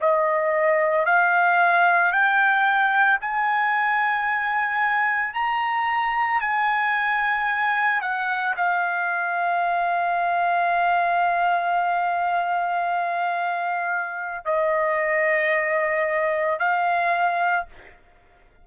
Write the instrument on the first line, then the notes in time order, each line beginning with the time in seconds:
trumpet
0.00 D#5
1.06 F5
2.12 G5
3.21 G#5
5.34 A#5
6.40 G#5
8.01 F#5
8.56 F5
14.45 D#5
16.59 F5